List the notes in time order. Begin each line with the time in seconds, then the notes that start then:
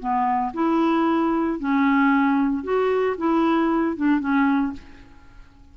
0.00 B3
0.54 E4
1.60 C#4
2.64 F#4
3.18 E4
3.97 D4
4.21 C#4